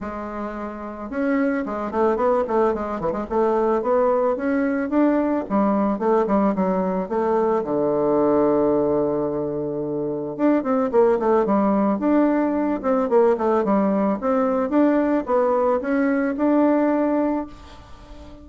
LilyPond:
\new Staff \with { instrumentName = "bassoon" } { \time 4/4 \tempo 4 = 110 gis2 cis'4 gis8 a8 | b8 a8 gis8 e16 gis16 a4 b4 | cis'4 d'4 g4 a8 g8 | fis4 a4 d2~ |
d2. d'8 c'8 | ais8 a8 g4 d'4. c'8 | ais8 a8 g4 c'4 d'4 | b4 cis'4 d'2 | }